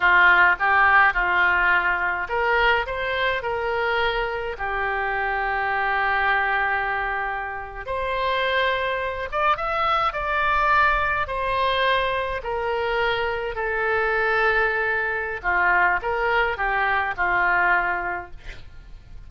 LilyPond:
\new Staff \with { instrumentName = "oboe" } { \time 4/4 \tempo 4 = 105 f'4 g'4 f'2 | ais'4 c''4 ais'2 | g'1~ | g'4.~ g'16 c''2~ c''16~ |
c''16 d''8 e''4 d''2 c''16~ | c''4.~ c''16 ais'2 a'16~ | a'2. f'4 | ais'4 g'4 f'2 | }